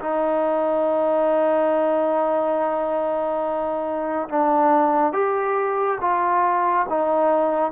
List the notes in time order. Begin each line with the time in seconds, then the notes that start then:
0.00 D#4
4.29 D4
5.12 G4
6.00 F4
6.89 D#4